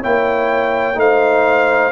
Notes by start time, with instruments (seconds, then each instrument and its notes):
0.00 tuba A#3, trombone E4, horn C#5, trumpet G5
0.94 tuba A3, trombone D#4, horn C5, trumpet F5